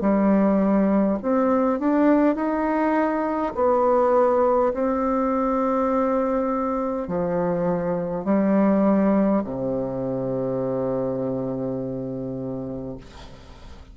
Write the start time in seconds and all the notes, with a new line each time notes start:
0.00 G3
1.22 C4
1.79 D4
2.35 D#4
3.55 B3
4.73 C4
7.07 F3
8.25 G3
9.44 C3